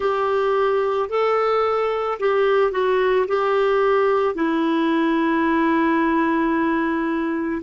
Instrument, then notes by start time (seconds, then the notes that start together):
clarinet
0.00 G4
1.09 A4
2.19 G4
2.71 F#4
3.27 G4
4.34 E4